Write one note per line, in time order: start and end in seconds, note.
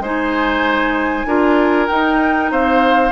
0.00 1.25 G#3
0.00 1.27 D#4
0.00 1.27 C5
0.00 1.88 G#5
1.26 1.88 D4
1.26 1.88 F4
1.26 2.52 A#4
1.88 3.12 D#4
1.88 2.52 D#4
1.88 2.50 G5
2.52 3.12 C4
2.52 3.12 C5
2.52 3.12 F5